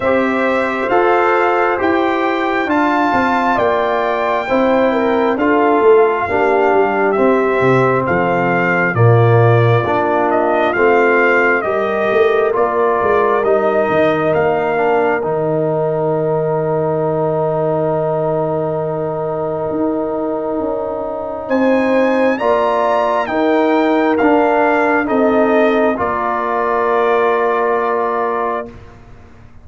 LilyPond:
<<
  \new Staff \with { instrumentName = "trumpet" } { \time 4/4 \tempo 4 = 67 e''4 f''4 g''4 a''4 | g''2 f''2 | e''4 f''4 d''4. dis''8 | f''4 dis''4 d''4 dis''4 |
f''4 g''2.~ | g''1 | gis''4 ais''4 g''4 f''4 | dis''4 d''2. | }
  \new Staff \with { instrumentName = "horn" } { \time 4/4 c''2. f''4 | d''4 c''8 ais'8 a'4 g'4~ | g'4 a'4 f'2~ | f'4 ais'2.~ |
ais'1~ | ais'1 | c''4 d''4 ais'2 | a'4 ais'2. | }
  \new Staff \with { instrumentName = "trombone" } { \time 4/4 g'4 a'4 g'4 f'4~ | f'4 e'4 f'4 d'4 | c'2 ais4 d'4 | c'4 g'4 f'4 dis'4~ |
dis'8 d'8 dis'2.~ | dis'1~ | dis'4 f'4 dis'4 d'4 | dis'4 f'2. | }
  \new Staff \with { instrumentName = "tuba" } { \time 4/4 c'4 f'4 e'4 d'8 c'8 | ais4 c'4 d'8 a8 ais8 g8 | c'8 c8 f4 ais,4 ais4 | a4 g8 a8 ais8 gis8 g8 dis8 |
ais4 dis2.~ | dis2 dis'4 cis'4 | c'4 ais4 dis'4 d'4 | c'4 ais2. | }
>>